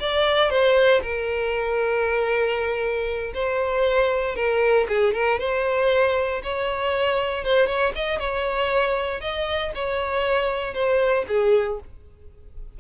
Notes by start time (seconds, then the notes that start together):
0.00 D5
0.50 C5
1.02 A#4
3.34 C5
4.36 A#4
4.89 G#4
5.14 A#4
5.39 C5
6.43 C#5
7.45 C5
7.67 C#5
7.95 D#5
8.19 C#5
9.21 D#5
9.75 C#5
10.74 C5
11.28 G#4